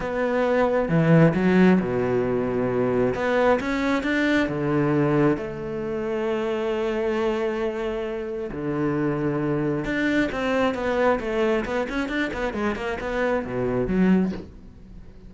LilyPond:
\new Staff \with { instrumentName = "cello" } { \time 4/4 \tempo 4 = 134 b2 e4 fis4 | b,2. b4 | cis'4 d'4 d2 | a1~ |
a2. d4~ | d2 d'4 c'4 | b4 a4 b8 cis'8 d'8 b8 | gis8 ais8 b4 b,4 fis4 | }